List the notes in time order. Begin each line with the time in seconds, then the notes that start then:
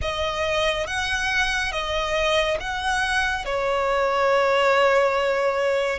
0.01 D#5
0.86 F#5
1.71 D#5
2.59 F#5
3.45 C#5